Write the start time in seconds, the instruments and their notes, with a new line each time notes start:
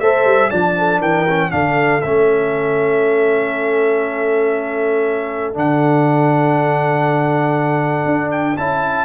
0.00 tuba A3, trombone A4, horn C5, trumpet E5
0.25 tuba G3
0.49 tuba F3, trombone D4, horn D5, trumpet A5
0.78 horn A4
1.00 tuba E3, horn A#4, trumpet G5
1.29 trombone C#4
1.51 tuba D3, trombone D4, horn A4, trumpet F5
2.01 tuba A3, trombone C#4, trumpet E5
5.54 tuba D3, trombone D4, trumpet F#5
8.06 tuba D4
8.32 trumpet G5
8.57 tuba C#4, trombone E4, trumpet A5